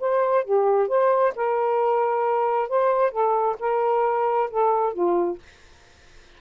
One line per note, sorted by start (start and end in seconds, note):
0.00 0.44 C5
0.44 0.88 G4
0.88 1.33 C5
1.36 2.69 A#4
2.69 3.11 C5
3.11 3.56 A4
3.59 4.50 A#4
4.50 4.93 A4
4.93 5.38 F4